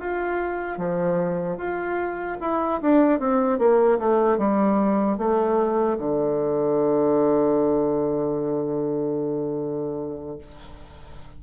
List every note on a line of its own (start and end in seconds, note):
0.00 0.78 F4
0.78 1.57 F3
1.57 2.38 F4
2.41 2.81 E4
2.82 3.20 D4
3.20 3.59 C4
3.59 3.99 A#3
3.99 4.38 A3
4.38 5.18 G3
5.18 5.98 A3
5.99 10.39 D3